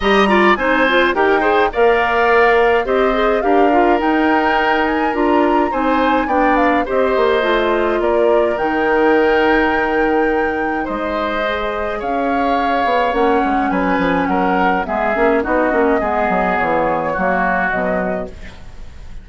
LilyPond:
<<
  \new Staff \with { instrumentName = "flute" } { \time 4/4 \tempo 4 = 105 ais''4 gis''4 g''4 f''4~ | f''4 dis''4 f''4 g''4~ | g''8 gis''8 ais''4 gis''4 g''8 f''8 | dis''2 d''4 g''4~ |
g''2. dis''4~ | dis''4 f''2 fis''4 | gis''4 fis''4 e''4 dis''4~ | dis''4 cis''2 dis''4 | }
  \new Staff \with { instrumentName = "oboe" } { \time 4/4 dis''8 d''8 c''4 ais'8 c''8 d''4~ | d''4 c''4 ais'2~ | ais'2 c''4 d''4 | c''2 ais'2~ |
ais'2. c''4~ | c''4 cis''2. | b'4 ais'4 gis'4 fis'4 | gis'2 fis'2 | }
  \new Staff \with { instrumentName = "clarinet" } { \time 4/4 g'8 f'8 dis'8 f'8 g'8 gis'8 ais'4~ | ais'4 g'8 gis'8 g'8 f'8 dis'4~ | dis'4 f'4 dis'4 d'4 | g'4 f'2 dis'4~ |
dis'1 | gis'2. cis'4~ | cis'2 b8 cis'8 dis'8 cis'8 | b2 ais4 fis4 | }
  \new Staff \with { instrumentName = "bassoon" } { \time 4/4 g4 c'4 dis'4 ais4~ | ais4 c'4 d'4 dis'4~ | dis'4 d'4 c'4 b4 | c'8 ais8 a4 ais4 dis4~ |
dis2. gis4~ | gis4 cis'4. b8 ais8 gis8 | fis8 f8 fis4 gis8 ais8 b8 ais8 | gis8 fis8 e4 fis4 b,4 | }
>>